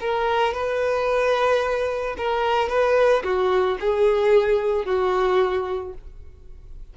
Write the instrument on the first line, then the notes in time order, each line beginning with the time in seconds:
violin
0.00 A#4
0.54 B4
2.17 A#4
2.69 B4
3.23 F#4
3.80 G#4
4.85 F#4